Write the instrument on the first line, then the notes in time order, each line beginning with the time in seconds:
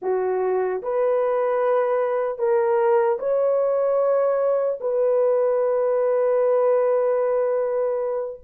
horn
0.02 F#4
0.82 B4
2.38 A#4
3.19 C#5
4.80 B4